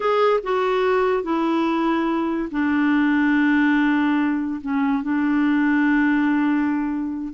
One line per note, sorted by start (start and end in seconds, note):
0.00 0.40 G#4
0.43 1.23 F#4
1.23 2.49 E4
2.51 4.61 D4
4.61 5.02 C#4
5.02 7.33 D4